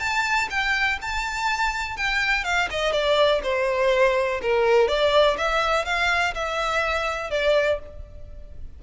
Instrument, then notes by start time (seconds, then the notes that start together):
violin
0.00 A5
0.50 G5
1.02 A5
1.97 G5
2.44 F5
2.71 D#5
2.92 D5
3.43 C5
4.42 A#4
4.88 D5
5.38 E5
5.85 F5
6.35 E5
7.31 D5